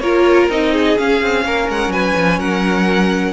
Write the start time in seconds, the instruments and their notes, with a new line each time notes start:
0.00 cello A#3, viola F4, violin A#4 C#5
0.49 cello C4, viola D#4, violin D#5
0.73 violin G#4
0.98 viola C#4, cello C#4, violin F5
1.22 cello C4
1.45 cello A#3, violin A#4
1.69 cello G#3, violin F#5
1.89 cello F#3, violin B4 G#5
2.17 cello F3
2.38 cello F#3, violin A#4 F#5